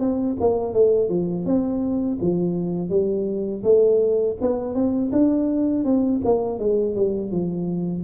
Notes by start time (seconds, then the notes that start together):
0.00 C4
0.40 A#3
0.74 A3
1.09 F3
1.45 C4
2.21 F3
2.90 G3
3.64 A3
4.41 B3
4.75 C4
5.12 D4
5.85 C4
6.25 A#3
6.59 G#3
6.95 G3
7.32 F3